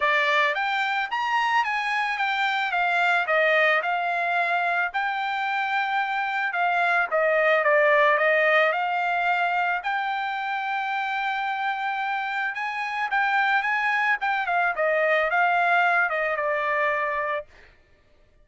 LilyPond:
\new Staff \with { instrumentName = "trumpet" } { \time 4/4 \tempo 4 = 110 d''4 g''4 ais''4 gis''4 | g''4 f''4 dis''4 f''4~ | f''4 g''2. | f''4 dis''4 d''4 dis''4 |
f''2 g''2~ | g''2. gis''4 | g''4 gis''4 g''8 f''8 dis''4 | f''4. dis''8 d''2 | }